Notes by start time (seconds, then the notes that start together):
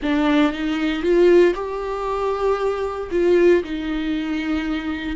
0.02 D4
0.52 D#4
1.02 F4
1.54 G4
3.11 F4
3.63 D#4